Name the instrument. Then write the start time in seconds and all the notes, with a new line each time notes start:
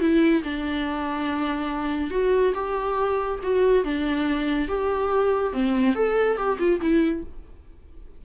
viola
0.00 E4
0.43 D4
2.10 F#4
2.54 G4
3.43 F#4
3.84 D4
4.68 G4
5.53 C4
5.95 A4
6.37 G4
6.59 F4
6.81 E4